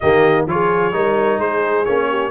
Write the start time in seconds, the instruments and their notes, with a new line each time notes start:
0.00 tuba D#3, trombone A#3, horn G4, trumpet D#5
0.46 tuba F3, trombone F4, horn G#4, trumpet C#5
0.92 tuba G3, trombone D#4, horn A#4
1.38 tuba G#3, horn G#4, trumpet C5
1.85 tuba A#3, trombone C#4, trumpet C#5
2.09 horn G4